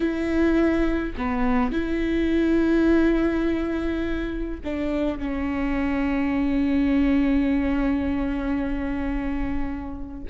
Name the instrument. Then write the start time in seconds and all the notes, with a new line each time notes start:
viola
0.00 E4
1.17 B3
1.72 E4
4.63 D4
5.18 C#4